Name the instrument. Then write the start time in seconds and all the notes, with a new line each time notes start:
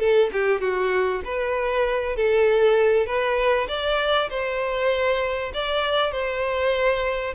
violin
0.00 A4
0.33 G4
0.61 F#4
1.25 B4
2.17 A4
3.06 B4
3.69 D5
4.30 C5
5.54 D5
6.12 C5